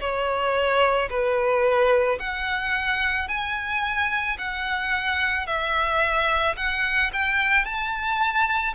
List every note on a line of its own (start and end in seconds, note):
0.00 1.09 C#5
1.10 2.19 B4
2.19 3.28 F#5
3.28 4.37 G#5
4.38 5.46 F#5
5.46 6.56 E5
6.56 7.11 F#5
7.13 7.65 G5
7.65 8.74 A5